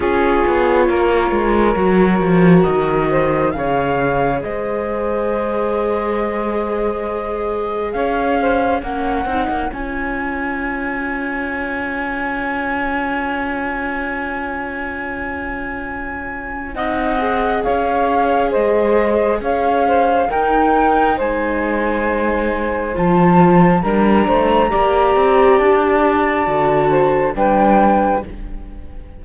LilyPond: <<
  \new Staff \with { instrumentName = "flute" } { \time 4/4 \tempo 4 = 68 cis''2. dis''4 | f''4 dis''2.~ | dis''4 f''4 fis''4 gis''4~ | gis''1~ |
gis''2. fis''4 | f''4 dis''4 f''4 g''4 | gis''2 a''4 ais''4~ | ais''4 a''2 g''4 | }
  \new Staff \with { instrumentName = "saxophone" } { \time 4/4 gis'4 ais'2~ ais'8 c''8 | cis''4 c''2.~ | c''4 cis''8 c''8 cis''2~ | cis''1~ |
cis''2. dis''4 | cis''4 c''4 cis''8 c''8 ais'4 | c''2. ais'8 c''8 | d''2~ d''8 c''8 b'4 | }
  \new Staff \with { instrumentName = "viola" } { \time 4/4 f'2 fis'2 | gis'1~ | gis'2 cis'8 dis'8 f'4~ | f'1~ |
f'2. dis'8 gis'8~ | gis'2. dis'4~ | dis'2 f'4 d'4 | g'2 fis'4 d'4 | }
  \new Staff \with { instrumentName = "cello" } { \time 4/4 cis'8 b8 ais8 gis8 fis8 f8 dis4 | cis4 gis2.~ | gis4 cis'4 ais8 c'16 ais16 cis'4~ | cis'1~ |
cis'2. c'4 | cis'4 gis4 cis'4 dis'4 | gis2 f4 g8 a8 | ais8 c'8 d'4 d4 g4 | }
>>